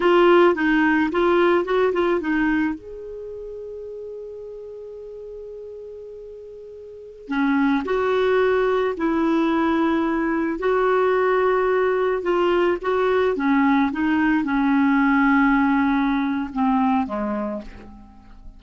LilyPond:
\new Staff \with { instrumentName = "clarinet" } { \time 4/4 \tempo 4 = 109 f'4 dis'4 f'4 fis'8 f'8 | dis'4 gis'2.~ | gis'1~ | gis'4~ gis'16 cis'4 fis'4.~ fis'16~ |
fis'16 e'2. fis'8.~ | fis'2~ fis'16 f'4 fis'8.~ | fis'16 cis'4 dis'4 cis'4.~ cis'16~ | cis'2 c'4 gis4 | }